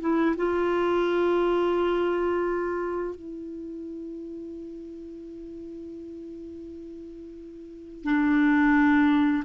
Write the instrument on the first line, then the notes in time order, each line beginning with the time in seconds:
clarinet
0.00 E4
0.36 F4
3.15 E4
8.04 D4